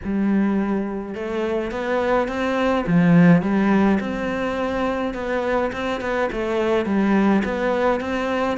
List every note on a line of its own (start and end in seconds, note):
0.04 1.14 G3
1.14 1.71 A3
1.71 2.28 B3
2.28 2.85 C4
2.86 3.41 F3
3.41 3.98 G3
3.99 5.14 C4
5.14 5.71 B3
5.72 6.01 C4
6.01 6.29 B3
6.31 6.85 A3
6.85 7.42 G3
7.44 8.00 B3
8.00 8.57 C4